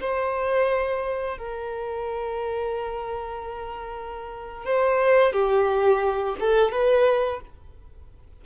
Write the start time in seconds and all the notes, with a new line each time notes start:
0.00 C5
1.38 A#4
4.65 C5
5.32 G4
6.39 A4
6.71 B4